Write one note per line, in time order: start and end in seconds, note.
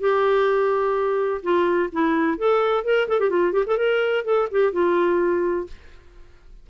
0.00 1.42 G4
1.43 1.90 F4
1.93 2.38 E4
2.38 2.85 A4
2.85 3.08 A#4
3.09 3.20 A4
3.20 3.30 G4
3.30 3.53 F4
3.53 3.65 G4
3.67 3.78 A4
3.78 4.25 A#4
4.25 4.48 A4
4.51 4.73 G4
4.73 5.68 F4